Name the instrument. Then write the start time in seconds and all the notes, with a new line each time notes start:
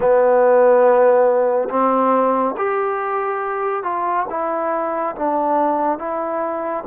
trombone
0.00 B3
1.69 C4
2.57 G4
3.83 F4
4.29 E4
5.15 D4
5.98 E4